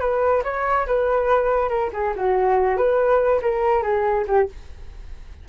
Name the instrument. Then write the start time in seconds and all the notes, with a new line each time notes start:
flute
0.00 B4
0.44 C#5
0.86 B4
1.69 A#4
1.93 G#4
2.16 F#4
2.77 B4
3.41 A#4
3.82 G#4
4.27 G4